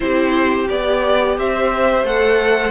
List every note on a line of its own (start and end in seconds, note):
0.00 0.69 C4
0.00 0.67 E4
0.00 1.38 G4
0.00 0.67 C5
0.68 1.37 B3
0.68 2.05 G4
0.68 1.37 D5
1.37 2.03 C4
1.37 2.70 C5
1.37 2.06 E5
2.03 2.70 A3
2.03 2.70 A4
2.03 2.70 F#5